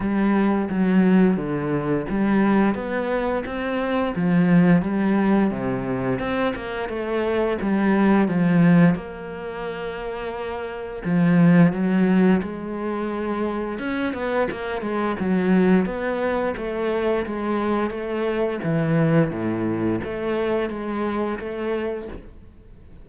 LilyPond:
\new Staff \with { instrumentName = "cello" } { \time 4/4 \tempo 4 = 87 g4 fis4 d4 g4 | b4 c'4 f4 g4 | c4 c'8 ais8 a4 g4 | f4 ais2. |
f4 fis4 gis2 | cis'8 b8 ais8 gis8 fis4 b4 | a4 gis4 a4 e4 | a,4 a4 gis4 a4 | }